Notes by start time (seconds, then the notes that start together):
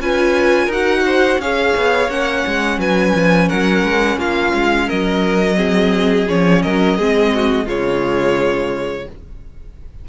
0.00 C#4 F4 B4 G#5
0.65 D#4 A#4
0.72 F#4 F#5
1.06 C5
1.38 C#4 G#4 C#5 F5
1.76 B3
2.09 A#3 C#4 F#5
2.47 G#3
2.78 F#3 B4 G#5
3.15 F3
3.48 F#3 A#4 F#5
3.83 G#3
4.17 A#3 F4 F5
4.54 G#3
4.87 F#3 A#4 D#5
5.56 C4 G#4
6.28 F3 C#4 C#5
6.62 F#3 A#4 D#5
6.97 G#3 C4 G#4
7.34 F#4
7.65 C#3 G#3 F4 C#5